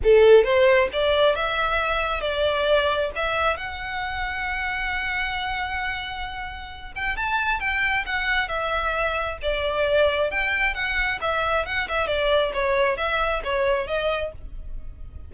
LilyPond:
\new Staff \with { instrumentName = "violin" } { \time 4/4 \tempo 4 = 134 a'4 c''4 d''4 e''4~ | e''4 d''2 e''4 | fis''1~ | fis''2.~ fis''8 g''8 |
a''4 g''4 fis''4 e''4~ | e''4 d''2 g''4 | fis''4 e''4 fis''8 e''8 d''4 | cis''4 e''4 cis''4 dis''4 | }